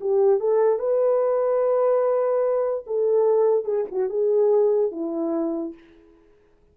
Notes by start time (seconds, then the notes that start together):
0.00 G4
0.39 A4
0.79 B4
2.86 A4
3.64 G#4
3.91 F#4
4.09 G#4
4.91 E4